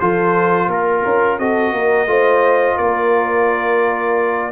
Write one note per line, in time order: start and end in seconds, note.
0.00 0.68 F3
0.00 1.40 F4
0.00 0.68 A4
0.00 0.70 C5
0.68 1.03 A#3
0.68 1.37 A#4
0.68 1.39 A#4
1.05 1.39 C#4
1.39 1.73 C4
1.39 2.07 F#4
1.39 1.74 A4
1.39 2.78 D#5
1.73 2.06 A#3
1.73 2.10 A#4
2.06 2.76 A3
2.06 4.52 F4
2.06 2.76 C5
2.76 4.52 A#3
2.76 4.51 A#4
2.76 4.52 D5